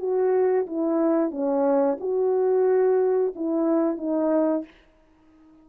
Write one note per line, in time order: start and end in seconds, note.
0.00 0.67 F#4
0.67 1.32 E4
1.32 1.98 C#4
2.01 3.34 F#4
3.36 3.98 E4
3.98 4.65 D#4